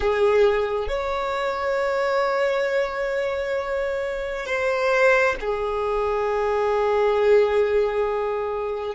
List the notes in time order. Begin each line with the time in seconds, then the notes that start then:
0.00 G#4
0.88 C#5
4.45 C5
5.40 G#4